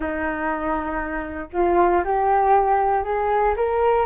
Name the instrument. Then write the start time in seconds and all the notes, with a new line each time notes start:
flute
0.00 D#4
1.52 F4
2.04 G4
3.04 G#4
3.56 A#4